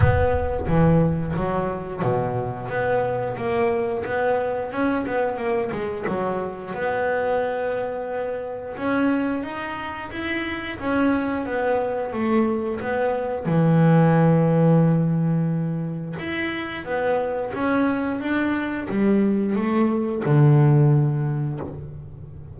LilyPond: \new Staff \with { instrumentName = "double bass" } { \time 4/4 \tempo 4 = 89 b4 e4 fis4 b,4 | b4 ais4 b4 cis'8 b8 | ais8 gis8 fis4 b2~ | b4 cis'4 dis'4 e'4 |
cis'4 b4 a4 b4 | e1 | e'4 b4 cis'4 d'4 | g4 a4 d2 | }